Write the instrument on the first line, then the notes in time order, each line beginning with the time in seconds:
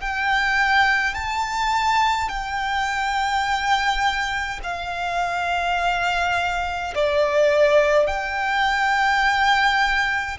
violin
0.00 G5
1.14 A5
2.29 G5
4.63 F5
6.94 D5
8.07 G5